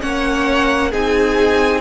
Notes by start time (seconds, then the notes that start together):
0.00 A#3 C#4 C#5 F#5
0.90 C4 D#4 G#4 G#5